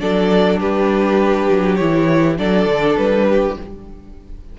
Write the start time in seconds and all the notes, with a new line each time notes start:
0.00 F#3 D4 A4 D5
0.60 G3 G4 B4
1.51 F#3
1.75 E3 E4 C#5
2.38 F#3 D4 A4 D5
2.66 D3
2.97 G3 B4
3.29 G4